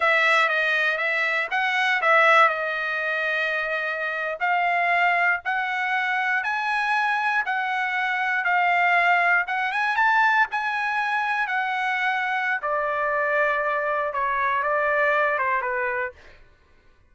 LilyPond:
\new Staff \with { instrumentName = "trumpet" } { \time 4/4 \tempo 4 = 119 e''4 dis''4 e''4 fis''4 | e''4 dis''2.~ | dis''8. f''2 fis''4~ fis''16~ | fis''8. gis''2 fis''4~ fis''16~ |
fis''8. f''2 fis''8 gis''8 a''16~ | a''8. gis''2 fis''4~ fis''16~ | fis''4 d''2. | cis''4 d''4. c''8 b'4 | }